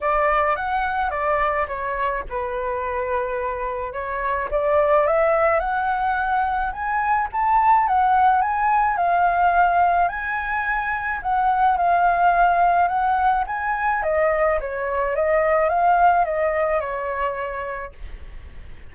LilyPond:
\new Staff \with { instrumentName = "flute" } { \time 4/4 \tempo 4 = 107 d''4 fis''4 d''4 cis''4 | b'2. cis''4 | d''4 e''4 fis''2 | gis''4 a''4 fis''4 gis''4 |
f''2 gis''2 | fis''4 f''2 fis''4 | gis''4 dis''4 cis''4 dis''4 | f''4 dis''4 cis''2 | }